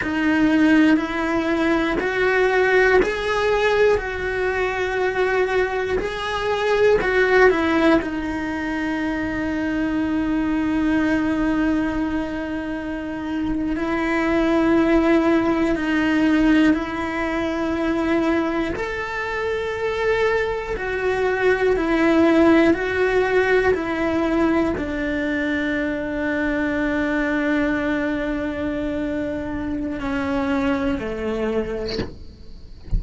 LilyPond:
\new Staff \with { instrumentName = "cello" } { \time 4/4 \tempo 4 = 60 dis'4 e'4 fis'4 gis'4 | fis'2 gis'4 fis'8 e'8 | dis'1~ | dis'4.~ dis'16 e'2 dis'16~ |
dis'8. e'2 a'4~ a'16~ | a'8. fis'4 e'4 fis'4 e'16~ | e'8. d'2.~ d'16~ | d'2 cis'4 a4 | }